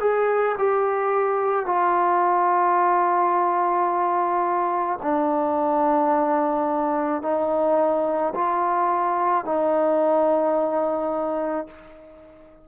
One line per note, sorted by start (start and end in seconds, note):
0.00 0.56 G#4
0.58 1.66 G4
1.66 4.99 F4
5.02 7.22 D4
7.22 8.33 D#4
8.34 9.44 F4
9.44 11.67 D#4